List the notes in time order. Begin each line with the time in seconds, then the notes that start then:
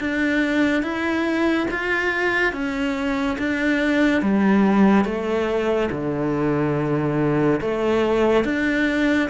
0.00 D4
0.83 E4
1.71 F4
2.53 C#4
3.38 D4
4.22 G3
5.05 A3
5.92 D3
7.61 A3
8.45 D4